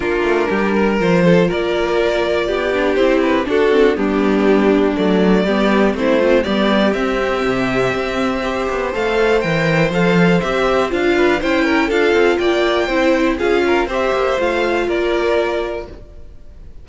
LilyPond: <<
  \new Staff \with { instrumentName = "violin" } { \time 4/4 \tempo 4 = 121 ais'2 c''4 d''4~ | d''2 c''8 b'8 a'4 | g'2 d''2 | c''4 d''4 e''2~ |
e''2 f''4 g''4 | f''4 e''4 f''4 g''4 | f''4 g''2 f''4 | e''4 f''4 d''2 | }
  \new Staff \with { instrumentName = "violin" } { \time 4/4 f'4 g'8 ais'4 a'8 ais'4~ | ais'4 g'2 fis'4 | d'2. g'4 | e'8 c'8 g'2.~ |
g'4 c''2.~ | c''2~ c''8 b'8 c''8 ais'8 | a'4 d''4 c''4 gis'8 ais'8 | c''2 ais'2 | }
  \new Staff \with { instrumentName = "viola" } { \time 4/4 d'2 f'2~ | f'4. d'8 e'4 d'8 c'8 | b2 a4 b4 | c'8 f'8 b4 c'2~ |
c'4 g'4 a'4 ais'4 | a'4 g'4 f'4 e'4 | f'2 e'4 f'4 | g'4 f'2. | }
  \new Staff \with { instrumentName = "cello" } { \time 4/4 ais8 a8 g4 f4 ais4~ | ais4 b4 c'4 d'4 | g2 fis4 g4 | a4 g4 c'4 c4 |
c'4. b8 a4 e4 | f4 c'4 d'4 cis'4 | d'8 c'8 ais4 c'4 cis'4 | c'8 ais8 a4 ais2 | }
>>